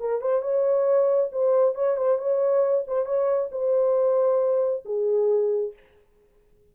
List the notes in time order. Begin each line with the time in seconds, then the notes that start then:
0.00 A#4
0.21 C5
0.42 C#5
1.32 C5
1.75 C#5
1.97 C5
2.18 C#5
2.87 C5
3.06 C#5
3.52 C5
4.85 G#4